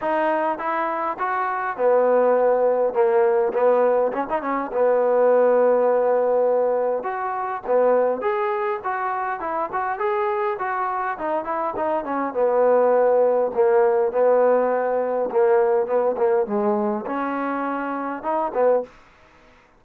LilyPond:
\new Staff \with { instrumentName = "trombone" } { \time 4/4 \tempo 4 = 102 dis'4 e'4 fis'4 b4~ | b4 ais4 b4 cis'16 dis'16 cis'8 | b1 | fis'4 b4 gis'4 fis'4 |
e'8 fis'8 gis'4 fis'4 dis'8 e'8 | dis'8 cis'8 b2 ais4 | b2 ais4 b8 ais8 | gis4 cis'2 dis'8 b8 | }